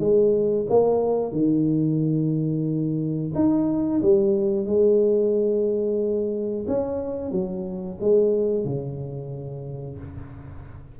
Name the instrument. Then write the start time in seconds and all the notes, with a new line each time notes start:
tuba
0.00 G#3
0.70 A#3
1.32 D#3
3.35 D#4
4.02 G3
4.66 G#3
6.68 C#4
7.32 F#3
8.01 G#3
8.65 C#3